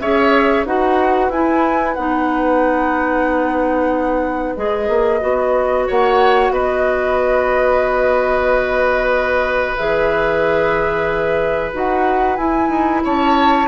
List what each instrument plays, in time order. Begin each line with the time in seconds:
0.00 bassoon C#4, clarinet G#4, oboe C#5, flute E5
0.66 bassoon D#4, clarinet F#4, oboe B4, flute F#5
1.30 bassoon E4, clarinet E4, flute G#5
1.95 bassoon B3, clarinet D#4, flute F#5
4.57 bassoon G#3, clarinet G#4, flute D#5
4.89 bassoon A#3
5.21 bassoon B3, clarinet F#4
5.87 bassoon A#3, oboe C#5, flute F#5
6.51 bassoon B3, oboe B4, flute D#5
9.76 bassoon E3, clarinet G#4, flute E5
11.74 bassoon D#4, clarinet F#4, flute F#5
12.37 bassoon E4, clarinet E4, flute G#5
12.70 bassoon D#4
13.05 bassoon C#4, oboe C#5, flute A5